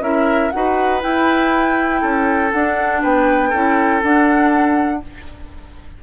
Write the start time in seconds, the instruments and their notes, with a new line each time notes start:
0.00 bassoon C#4, clarinet E4, oboe A#4, flute E5
0.51 bassoon D#4, clarinet F#4, oboe B4, flute F#5
1.01 clarinet E4, bassoon E4, flute G5
2.01 bassoon C#4, oboe A4
2.52 bassoon D4, clarinet D4, flute F#5
3.02 bassoon B3, oboe B4, flute G5
3.49 bassoon C#4, clarinet E4, oboe A4
4.02 clarinet D4, bassoon D4, flute F#5